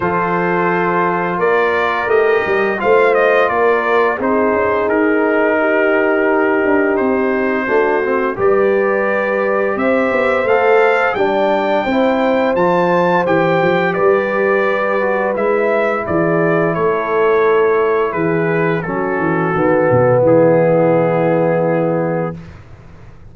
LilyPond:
<<
  \new Staff \with { instrumentName = "trumpet" } { \time 4/4 \tempo 4 = 86 c''2 d''4 dis''4 | f''8 dis''8 d''4 c''4 ais'4~ | ais'2 c''2 | d''2 e''4 f''4 |
g''2 a''4 g''4 | d''2 e''4 d''4 | cis''2 b'4 a'4~ | a'4 gis'2. | }
  \new Staff \with { instrumentName = "horn" } { \time 4/4 a'2 ais'2 | c''4 ais'4 gis'2 | g'2. fis'4 | b'2 c''2 |
d''4 c''2. | b'2. gis'4 | a'2 gis'4 fis'4~ | fis'4 e'2. | }
  \new Staff \with { instrumentName = "trombone" } { \time 4/4 f'2. g'4 | f'2 dis'2~ | dis'2. d'8 c'8 | g'2. a'4 |
d'4 e'4 f'4 g'4~ | g'4. fis'8 e'2~ | e'2. cis'4 | b1 | }
  \new Staff \with { instrumentName = "tuba" } { \time 4/4 f2 ais4 a8 g8 | a4 ais4 c'8 cis'8 dis'4~ | dis'4. d'8 c'4 a4 | g2 c'8 b8 a4 |
g4 c'4 f4 e8 f8 | g2 gis4 e4 | a2 e4 fis8 e8 | dis8 b,8 e2. | }
>>